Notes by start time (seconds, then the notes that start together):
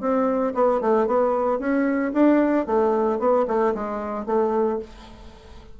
0.00 C4
0.54 B3
0.80 A3
1.06 B3
1.59 C#4
2.13 D4
2.66 A3
3.19 B3
3.47 A3
3.74 G#3
4.26 A3